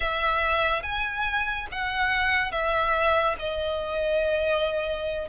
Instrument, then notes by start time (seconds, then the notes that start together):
violin
0.00 E5
0.82 G#5
1.71 F#5
2.51 E5
3.38 D#5